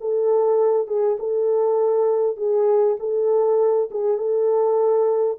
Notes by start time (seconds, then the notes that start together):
0.00 A4
0.87 G#4
1.19 A4
2.36 G#4
2.99 A4
3.91 G#4
4.18 A4